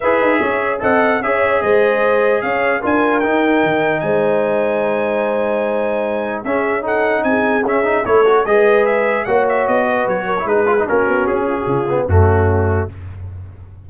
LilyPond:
<<
  \new Staff \with { instrumentName = "trumpet" } { \time 4/4 \tempo 4 = 149 e''2 fis''4 e''4 | dis''2 f''4 gis''4 | g''2 gis''2~ | gis''1 |
e''4 fis''4 gis''4 e''4 | cis''4 dis''4 e''4 fis''8 e''8 | dis''4 cis''4 b'4 ais'4 | gis'2 fis'2 | }
  \new Staff \with { instrumentName = "horn" } { \time 4/4 b'4 cis''4 dis''4 cis''4 | c''2 cis''4 ais'4~ | ais'2 c''2~ | c''1 |
gis'4 a'4 gis'2 | a'4 b'2 cis''4~ | cis''8 b'4 ais'8 gis'4 fis'4~ | fis'8 f'16 fis'16 f'4 cis'2 | }
  \new Staff \with { instrumentName = "trombone" } { \time 4/4 gis'2 a'4 gis'4~ | gis'2. f'4 | dis'1~ | dis'1 |
cis'4 dis'2 cis'8 dis'8 | e'8 fis'8 gis'2 fis'4~ | fis'4.~ fis'16 e'16 dis'8 f'16 dis'16 cis'4~ | cis'4. b8 a2 | }
  \new Staff \with { instrumentName = "tuba" } { \time 4/4 e'8 dis'8 cis'4 c'4 cis'4 | gis2 cis'4 d'4 | dis'4 dis4 gis2~ | gis1 |
cis'2 c'4 cis'4 | a4 gis2 ais4 | b4 fis4 gis4 ais8 b8 | cis'4 cis4 fis,2 | }
>>